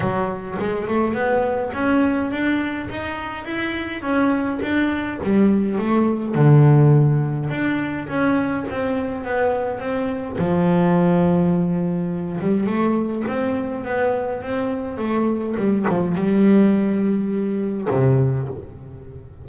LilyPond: \new Staff \with { instrumentName = "double bass" } { \time 4/4 \tempo 4 = 104 fis4 gis8 a8 b4 cis'4 | d'4 dis'4 e'4 cis'4 | d'4 g4 a4 d4~ | d4 d'4 cis'4 c'4 |
b4 c'4 f2~ | f4. g8 a4 c'4 | b4 c'4 a4 g8 f8 | g2. c4 | }